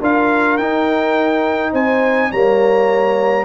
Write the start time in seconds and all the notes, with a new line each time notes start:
0.00 D4 F4 A#4 F5
0.57 D#4 G5
1.72 C4 C5 G#5
2.30 G3 A#3 C#5 A#5